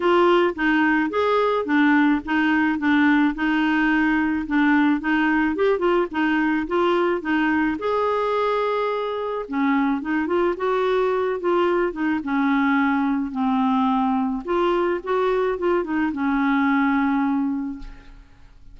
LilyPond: \new Staff \with { instrumentName = "clarinet" } { \time 4/4 \tempo 4 = 108 f'4 dis'4 gis'4 d'4 | dis'4 d'4 dis'2 | d'4 dis'4 g'8 f'8 dis'4 | f'4 dis'4 gis'2~ |
gis'4 cis'4 dis'8 f'8 fis'4~ | fis'8 f'4 dis'8 cis'2 | c'2 f'4 fis'4 | f'8 dis'8 cis'2. | }